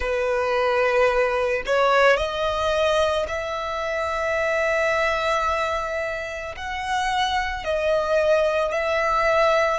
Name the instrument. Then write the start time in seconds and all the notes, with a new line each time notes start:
violin
0.00 B4
1.66 C#5
2.17 D#5
3.28 E5
6.56 F#5
7.64 D#5
8.72 E5